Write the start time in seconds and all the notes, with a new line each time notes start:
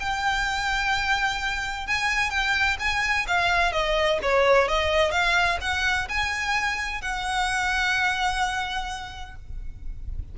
0.00 G5
1.87 G#5
2.30 G5
2.80 G#5
3.28 F5
3.72 D#5
4.22 C#5
4.68 D#5
5.11 F5
5.61 F#5
6.09 G#5
7.01 F#5